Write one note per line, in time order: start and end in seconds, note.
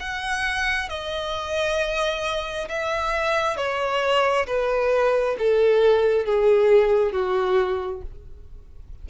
0.00 0.89 F#5
0.89 2.68 D#5
2.69 3.57 E5
3.57 4.46 C#5
4.47 5.36 B4
5.39 6.25 A4
6.25 7.12 G#4
7.12 8.02 F#4